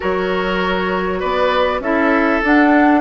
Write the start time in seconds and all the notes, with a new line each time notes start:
0.00 F#3 F#4 A#4 C#5
1.19 B3 B4 D5
1.79 C#4 E4 A4 E5
2.42 D4 F#5